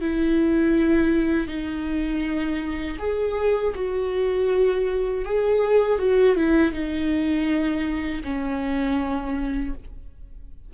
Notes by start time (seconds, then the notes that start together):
0.00 E4
1.47 D#4
2.98 G#4
3.74 F#4
5.25 G#4
5.98 F#4
6.36 E4
6.72 D#4
8.23 C#4